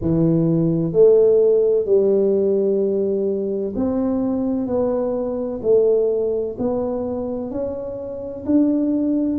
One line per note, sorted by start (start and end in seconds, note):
0.01 0.92 E3
0.92 1.85 A3
1.85 3.73 G3
3.75 4.66 C4
4.66 5.60 B3
5.62 6.56 A3
6.58 7.50 B3
7.50 8.44 C#4
8.45 9.38 D4